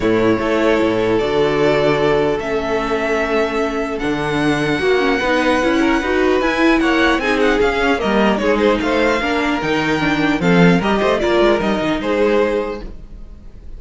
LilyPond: <<
  \new Staff \with { instrumentName = "violin" } { \time 4/4 \tempo 4 = 150 cis''2. d''4~ | d''2 e''2~ | e''2 fis''2~ | fis''1 |
gis''4 fis''4 gis''8 fis''8 f''4 | dis''4 cis''8 c''8 f''2 | g''2 f''4 dis''4 | d''4 dis''4 c''2 | }
  \new Staff \with { instrumentName = "violin" } { \time 4/4 e'4 a'2.~ | a'1~ | a'1 | fis'4 b'4. ais'8 b'4~ |
b'4 cis''4 gis'2 | ais'4 gis'4 c''4 ais'4~ | ais'2 a'4 ais'8 c''8 | ais'2 gis'2 | }
  \new Staff \with { instrumentName = "viola" } { \time 4/4 a4 e'2 fis'4~ | fis'2 cis'2~ | cis'2 d'2 | fis'8 cis'8 dis'4 e'4 fis'4 |
e'2 dis'4 cis'4 | ais4 dis'2 d'4 | dis'4 d'4 c'4 g'4 | f'4 dis'2. | }
  \new Staff \with { instrumentName = "cello" } { \time 4/4 a,4 a4 a,4 d4~ | d2 a2~ | a2 d2 | ais4 b4 cis'4 dis'4 |
e'4 ais4 c'4 cis'4 | g4 gis4 a4 ais4 | dis2 f4 g8 a8 | ais8 gis8 g8 dis8 gis2 | }
>>